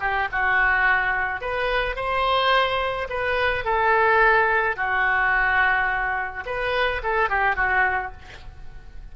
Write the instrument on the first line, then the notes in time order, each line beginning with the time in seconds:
oboe
0.00 G4
0.32 F#4
1.41 B4
1.96 C5
3.10 B4
3.65 A4
4.76 F#4
6.46 B4
7.03 A4
7.29 G4
7.56 F#4